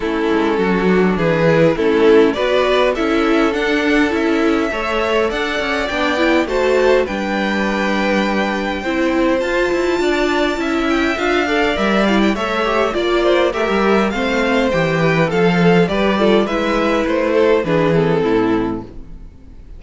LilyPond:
<<
  \new Staff \with { instrumentName = "violin" } { \time 4/4 \tempo 4 = 102 a'2 b'4 a'4 | d''4 e''4 fis''4 e''4~ | e''4 fis''4 g''4 a''4 | g''1 |
a''2~ a''8 g''8 f''4 | e''8 f''16 g''16 e''4 d''4 e''4 | f''4 g''4 f''4 d''4 | e''4 c''4 b'8 a'4. | }
  \new Staff \with { instrumentName = "violin" } { \time 4/4 e'4 fis'4 gis'4 e'4 | b'4 a'2. | cis''4 d''2 c''4 | b'2. c''4~ |
c''4 d''4 e''4. d''8~ | d''4 cis''4 d''8 c''8 ais'4 | c''4. b'8 a'4 b'8 a'8 | b'4. a'8 gis'4 e'4 | }
  \new Staff \with { instrumentName = "viola" } { \time 4/4 cis'4. d'4 e'8 cis'4 | fis'4 e'4 d'4 e'4 | a'2 d'8 e'8 fis'4 | d'2. e'4 |
f'2 e'4 f'8 a'8 | ais'8 e'8 a'8 g'8 f'4 g'4 | c'4 g'4 a'4 g'8 f'8 | e'2 d'8 c'4. | }
  \new Staff \with { instrumentName = "cello" } { \time 4/4 a8 gis8 fis4 e4 a4 | b4 cis'4 d'4 cis'4 | a4 d'8 cis'8 b4 a4 | g2. c'4 |
f'8 e'8 d'4 cis'4 d'4 | g4 a4 ais4 a16 g8. | a4 e4 f4 g4 | gis4 a4 e4 a,4 | }
>>